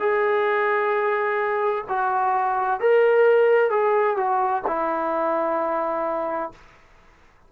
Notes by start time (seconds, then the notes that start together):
0.00 G#4
1.89 F#4
2.80 A#4
3.70 G#4
4.17 F#4
4.67 E4